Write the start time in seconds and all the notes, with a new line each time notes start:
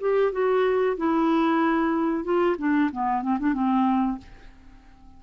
0.00 G4
0.32 F#4
0.97 E4
2.24 F4
2.58 D4
2.92 B3
3.22 C4
3.39 D4
3.53 C4